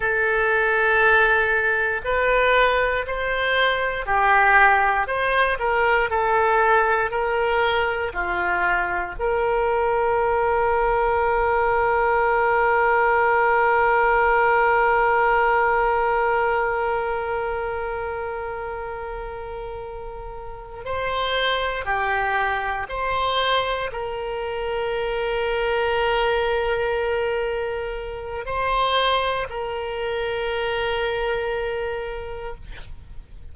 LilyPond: \new Staff \with { instrumentName = "oboe" } { \time 4/4 \tempo 4 = 59 a'2 b'4 c''4 | g'4 c''8 ais'8 a'4 ais'4 | f'4 ais'2.~ | ais'1~ |
ais'1~ | ais'8 c''4 g'4 c''4 ais'8~ | ais'1 | c''4 ais'2. | }